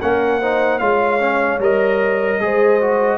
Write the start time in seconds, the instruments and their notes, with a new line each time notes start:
0.00 tuba A#3, trombone C#4, horn A#4, trumpet F#5
0.40 trombone D#4, horn C5
0.79 tuba G#3, trombone F4, horn C#5, trumpet F5
1.19 trombone C#4
1.59 tuba G3, trombone A#4, trumpet D#5
2.40 tuba G#3, trombone G#4, horn C5
2.81 trombone F#4